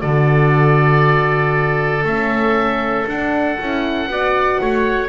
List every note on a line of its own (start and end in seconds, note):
0.00 2.04 D3
0.00 2.03 F#4
0.00 4.09 A4
0.00 2.04 D5
2.04 3.06 A3
2.04 3.07 C#4
2.04 3.08 E5
3.06 3.57 D4
3.06 3.58 D4
3.06 5.09 F#5
3.58 4.07 C#4
3.58 4.08 E4
4.07 4.58 B3
4.07 5.09 F#4
4.07 4.61 D5
4.60 5.09 A3
4.60 5.09 C#5